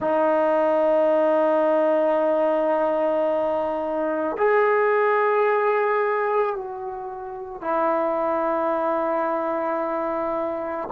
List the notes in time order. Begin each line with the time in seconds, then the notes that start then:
0.00 D#4
4.37 G#4
6.55 F#4
7.61 E4